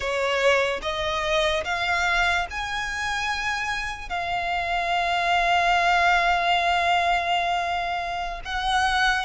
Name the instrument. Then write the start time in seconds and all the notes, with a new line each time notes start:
violin
0.00 C#5
0.81 D#5
1.64 F5
2.50 G#5
4.09 F5
8.44 F#5